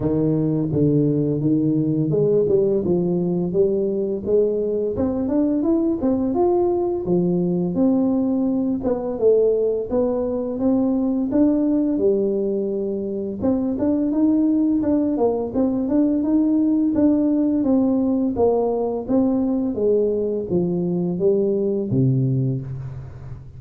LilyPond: \new Staff \with { instrumentName = "tuba" } { \time 4/4 \tempo 4 = 85 dis4 d4 dis4 gis8 g8 | f4 g4 gis4 c'8 d'8 | e'8 c'8 f'4 f4 c'4~ | c'8 b8 a4 b4 c'4 |
d'4 g2 c'8 d'8 | dis'4 d'8 ais8 c'8 d'8 dis'4 | d'4 c'4 ais4 c'4 | gis4 f4 g4 c4 | }